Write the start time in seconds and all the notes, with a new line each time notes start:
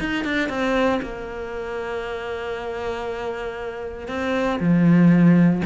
0.00 D#4
0.24 D4
0.49 C4
1.02 A#3
4.08 C4
4.60 F3